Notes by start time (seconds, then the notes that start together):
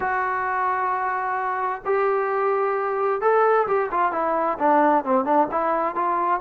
0.00 F#4
1.85 G4
3.21 A4
3.67 G4
3.91 F4
4.12 E4
4.58 D4
5.04 C4
5.24 D4
5.51 E4
5.95 F4